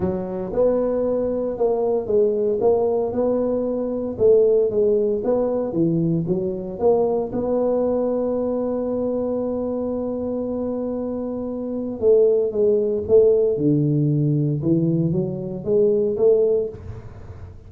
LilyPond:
\new Staff \with { instrumentName = "tuba" } { \time 4/4 \tempo 4 = 115 fis4 b2 ais4 | gis4 ais4 b2 | a4 gis4 b4 e4 | fis4 ais4 b2~ |
b1~ | b2. a4 | gis4 a4 d2 | e4 fis4 gis4 a4 | }